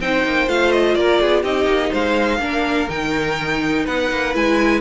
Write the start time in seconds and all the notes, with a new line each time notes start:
0.00 C4 D#4 C5 G5
0.24 A#3
0.47 A3 F4 F5
0.71 D#5
0.94 A#3 A#4 D5
1.21 B3 G#4
1.42 C4 D#4 G4 D#5
1.65 A#3
1.90 G#3 C5 F5
2.39 A#3 D4 A#4
2.89 D#3 D#4 G5
3.84 B3 B4 F#5
4.11 A#3
4.33 G#3 E4 G#5